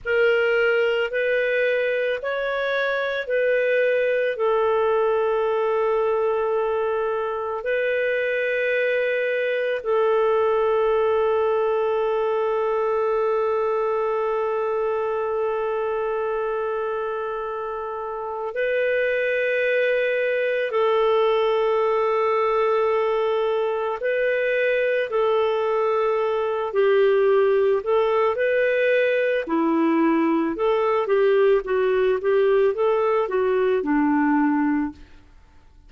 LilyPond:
\new Staff \with { instrumentName = "clarinet" } { \time 4/4 \tempo 4 = 55 ais'4 b'4 cis''4 b'4 | a'2. b'4~ | b'4 a'2.~ | a'1~ |
a'4 b'2 a'4~ | a'2 b'4 a'4~ | a'8 g'4 a'8 b'4 e'4 | a'8 g'8 fis'8 g'8 a'8 fis'8 d'4 | }